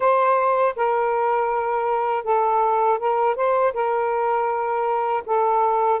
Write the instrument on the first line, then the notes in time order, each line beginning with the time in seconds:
saxophone
0.00 C5
0.75 A#4
2.24 A4
2.98 A#4
3.35 C5
3.73 A#4
5.26 A4